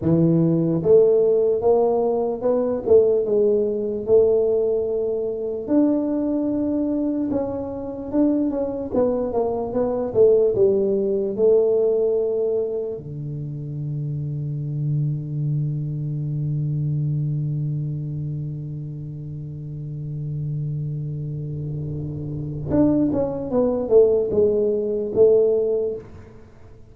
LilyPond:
\new Staff \with { instrumentName = "tuba" } { \time 4/4 \tempo 4 = 74 e4 a4 ais4 b8 a8 | gis4 a2 d'4~ | d'4 cis'4 d'8 cis'8 b8 ais8 | b8 a8 g4 a2 |
d1~ | d1~ | d1 | d'8 cis'8 b8 a8 gis4 a4 | }